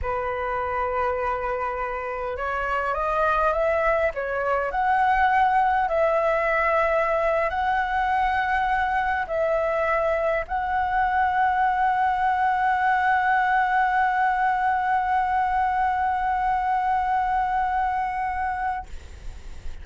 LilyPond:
\new Staff \with { instrumentName = "flute" } { \time 4/4 \tempo 4 = 102 b'1 | cis''4 dis''4 e''4 cis''4 | fis''2 e''2~ | e''8. fis''2. e''16~ |
e''4.~ e''16 fis''2~ fis''16~ | fis''1~ | fis''1~ | fis''1 | }